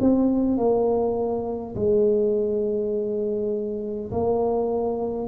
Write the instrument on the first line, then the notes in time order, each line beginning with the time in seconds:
tuba
0.00 C4
0.57 A#3
1.75 G#3
4.11 A#3